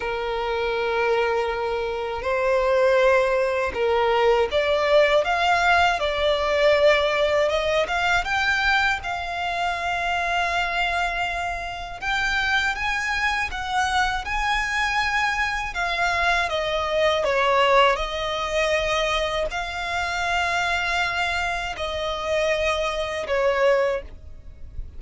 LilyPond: \new Staff \with { instrumentName = "violin" } { \time 4/4 \tempo 4 = 80 ais'2. c''4~ | c''4 ais'4 d''4 f''4 | d''2 dis''8 f''8 g''4 | f''1 |
g''4 gis''4 fis''4 gis''4~ | gis''4 f''4 dis''4 cis''4 | dis''2 f''2~ | f''4 dis''2 cis''4 | }